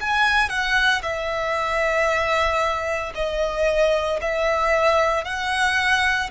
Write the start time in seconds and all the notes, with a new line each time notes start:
0.00 G#5
0.49 F#5
1.02 E5
3.14 D#5
4.21 E5
5.24 F#5